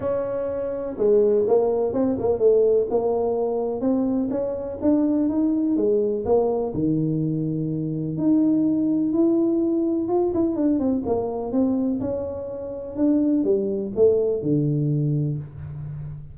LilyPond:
\new Staff \with { instrumentName = "tuba" } { \time 4/4 \tempo 4 = 125 cis'2 gis4 ais4 | c'8 ais8 a4 ais2 | c'4 cis'4 d'4 dis'4 | gis4 ais4 dis2~ |
dis4 dis'2 e'4~ | e'4 f'8 e'8 d'8 c'8 ais4 | c'4 cis'2 d'4 | g4 a4 d2 | }